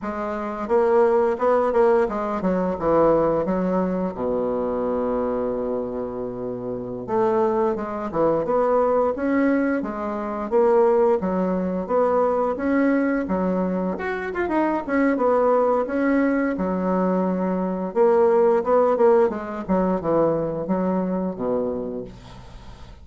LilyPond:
\new Staff \with { instrumentName = "bassoon" } { \time 4/4 \tempo 4 = 87 gis4 ais4 b8 ais8 gis8 fis8 | e4 fis4 b,2~ | b,2~ b,16 a4 gis8 e16~ | e16 b4 cis'4 gis4 ais8.~ |
ais16 fis4 b4 cis'4 fis8.~ | fis16 fis'8 f'16 dis'8 cis'8 b4 cis'4 | fis2 ais4 b8 ais8 | gis8 fis8 e4 fis4 b,4 | }